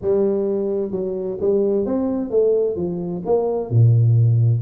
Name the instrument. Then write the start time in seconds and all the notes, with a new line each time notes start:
tuba
0.01 G3
0.91 F#3
1.40 G3
1.85 C4
2.30 A3
2.76 F3
3.25 A#3
3.69 A#2